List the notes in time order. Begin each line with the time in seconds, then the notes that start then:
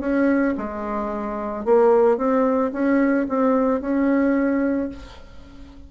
0.00 C#4
0.57 G#3
1.65 A#3
2.17 C4
2.72 C#4
3.29 C4
3.81 C#4